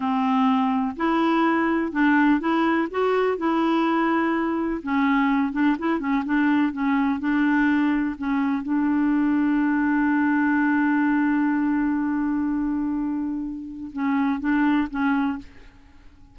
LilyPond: \new Staff \with { instrumentName = "clarinet" } { \time 4/4 \tempo 4 = 125 c'2 e'2 | d'4 e'4 fis'4 e'4~ | e'2 cis'4. d'8 | e'8 cis'8 d'4 cis'4 d'4~ |
d'4 cis'4 d'2~ | d'1~ | d'1~ | d'4 cis'4 d'4 cis'4 | }